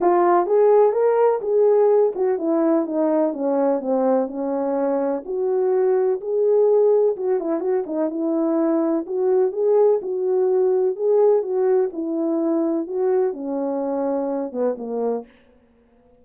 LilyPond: \new Staff \with { instrumentName = "horn" } { \time 4/4 \tempo 4 = 126 f'4 gis'4 ais'4 gis'4~ | gis'8 fis'8 e'4 dis'4 cis'4 | c'4 cis'2 fis'4~ | fis'4 gis'2 fis'8 e'8 |
fis'8 dis'8 e'2 fis'4 | gis'4 fis'2 gis'4 | fis'4 e'2 fis'4 | cis'2~ cis'8 b8 ais4 | }